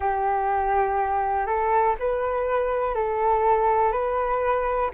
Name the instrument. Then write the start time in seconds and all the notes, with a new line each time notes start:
flute
0.00 G4
1.46 A4
1.99 B4
2.95 A4
3.92 B4